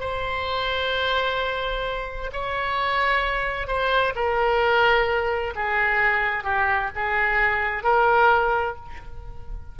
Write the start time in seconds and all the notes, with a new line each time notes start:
0.00 C5
2.33 C#5
3.67 C5
4.16 A#4
5.56 G#4
6.44 G4
6.96 G#4
7.83 A#4